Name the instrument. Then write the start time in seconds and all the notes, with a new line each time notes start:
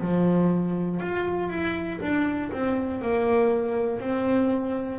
double bass
0.00 F3
1.00 F4
1.50 E4
2.00 D4
2.51 C4
3.01 A#3
4.00 C4